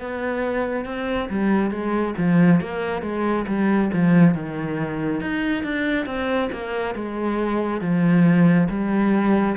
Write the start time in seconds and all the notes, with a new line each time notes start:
0.00 B3
0.85 C4
1.30 G3
1.71 G#3
2.18 F3
2.61 A#3
3.02 G#3
3.47 G3
3.94 F3
4.34 D#3
5.21 D#4
5.64 D4
6.06 C4
6.52 A#3
6.95 G#3
7.81 F3
8.69 G3